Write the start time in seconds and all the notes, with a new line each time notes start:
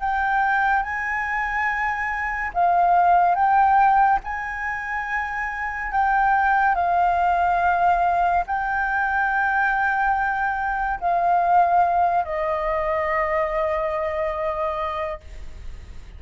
0.00 G5
0.83 G#5
2.54 F5
3.35 G5
4.24 G#5
5.92 G5
6.75 F5
8.46 G5
11.00 F5
12.24 D#5